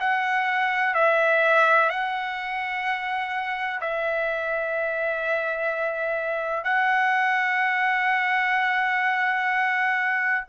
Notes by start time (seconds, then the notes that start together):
0.00 F#5
0.95 E5
1.90 F#5
3.81 E5
6.64 F#5